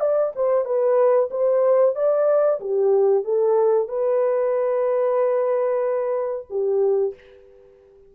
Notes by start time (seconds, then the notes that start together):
0.00 D5
0.35 C5
0.65 B4
1.30 C5
1.95 D5
2.60 G4
3.24 A4
3.88 B4
6.50 G4